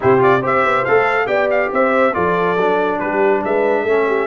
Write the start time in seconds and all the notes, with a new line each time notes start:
0.00 C3 E4 G4 C5
0.18 F4 D5
0.39 G4 C5
0.46 C4 E5
0.65 B3
0.84 A3 A4 F5
1.26 B3 G4 D5 G5
1.50 F5
1.72 C4 C5 E5
2.13 F3 F4 A4 D5
2.57 F#3 D4
2.98 G3 G4 B4
3.44 G#3 B4 E5
3.82 A3 C#4 A4
4.07 G4